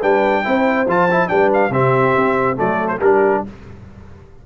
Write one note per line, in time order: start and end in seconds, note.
0.00 0.46 G3
0.00 0.44 D4
0.00 0.43 B4
0.00 0.88 G5
0.44 0.87 C4
0.44 0.87 E4
0.44 1.30 C5
0.87 1.30 F3
0.87 1.10 F4
0.87 1.29 A5
1.11 1.28 E4
1.28 1.70 G3
1.28 1.71 D4
1.28 1.72 B4
1.28 1.50 G5
1.54 1.73 F5
1.70 2.13 C3
1.70 2.56 C4
1.70 2.57 G4
1.70 2.58 E5
2.16 2.59 C4
2.56 3.01 F#3
2.56 2.99 A3
2.56 3.00 A4
2.56 2.88 D5
2.88 2.99 C5
3.00 3.43 G3
3.00 3.47 D4
3.00 3.43 G4
3.00 3.44 A#4